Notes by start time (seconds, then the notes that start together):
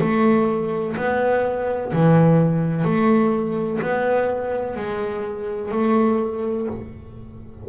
0.00 A3
0.97 B3
1.92 E3
2.84 A3
3.81 B3
4.76 G#3
5.71 A3